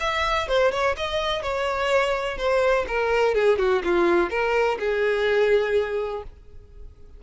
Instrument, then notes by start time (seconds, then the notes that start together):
violin
0.00 E5
0.48 C5
0.72 C#5
0.97 D#5
1.42 C#5
2.38 C5
2.88 A#4
3.34 G#4
3.59 F#4
3.84 F4
4.30 A#4
4.79 G#4